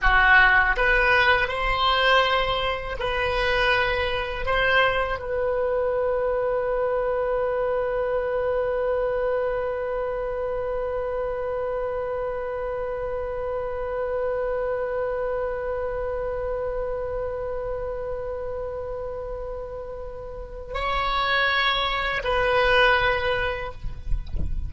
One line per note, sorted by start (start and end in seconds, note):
0.01 0.75 F#4
0.76 1.48 B4
1.48 2.96 C5
2.99 4.45 B4
4.45 5.19 C5
5.19 20.73 B4
20.73 22.22 C#5
22.24 23.72 B4